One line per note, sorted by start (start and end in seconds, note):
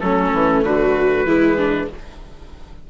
0.00 0.33 F#3
0.00 1.26 A3
0.00 0.65 C#4
0.00 0.62 A4
0.33 0.63 E3
0.63 1.25 D3
0.63 1.26 F#4
0.63 1.90 B4
1.25 1.88 E3
1.25 1.88 G#3
1.25 1.57 E4
1.57 1.88 D4